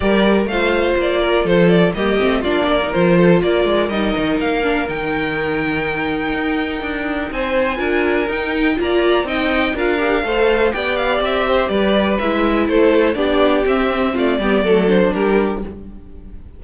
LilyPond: <<
  \new Staff \with { instrumentName = "violin" } { \time 4/4 \tempo 4 = 123 d''4 f''4 d''4 c''8 d''8 | dis''4 d''4 c''4 d''4 | dis''4 f''4 g''2~ | g''2. gis''4~ |
gis''4 g''4 ais''4 g''4 | f''2 g''8 f''8 e''4 | d''4 e''4 c''4 d''4 | e''4 d''4. c''8 ais'4 | }
  \new Staff \with { instrumentName = "violin" } { \time 4/4 ais'4 c''4. ais'8 a'4 | g'4 f'8 ais'4 a'8 ais'4~ | ais'1~ | ais'2. c''4 |
ais'2 d''4 dis''4 | ais'4 c''4 d''4. c''8 | b'2 a'4 g'4~ | g'4 f'8 g'8 a'4 g'4 | }
  \new Staff \with { instrumentName = "viola" } { \time 4/4 g'4 f'2. | ais8 c'8 d'8. dis'16 f'2 | dis'4. d'8 dis'2~ | dis'1 |
f'4 dis'4 f'4 dis'4 | f'8 g'8 a'4 g'2~ | g'4 e'2 d'4 | c'4. b8 a8 d'4. | }
  \new Staff \with { instrumentName = "cello" } { \time 4/4 g4 a4 ais4 f4 | g8 a8 ais4 f4 ais8 gis8 | g8 dis8 ais4 dis2~ | dis4 dis'4 d'4 c'4 |
d'4 dis'4 ais4 c'4 | d'4 a4 b4 c'4 | g4 gis4 a4 b4 | c'4 a8 g8 fis4 g4 | }
>>